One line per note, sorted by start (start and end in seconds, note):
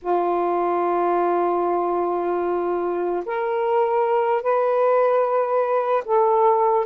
0.01 3.24 F4
3.25 4.42 A#4
4.42 6.03 B4
6.05 6.85 A4